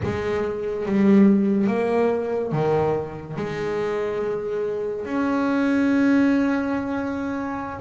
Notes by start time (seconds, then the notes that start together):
0.03 G#3
0.85 G3
1.67 A#3
2.52 D#3
3.36 G#3
5.05 C#4